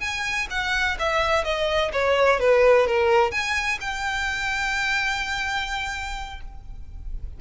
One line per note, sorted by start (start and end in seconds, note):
0.00 0.47 G#5
0.50 0.97 F#5
0.99 1.44 E5
1.44 1.91 D#5
1.92 2.39 C#5
2.39 2.87 B4
2.87 3.31 A#4
3.31 3.79 G#5
3.81 6.40 G5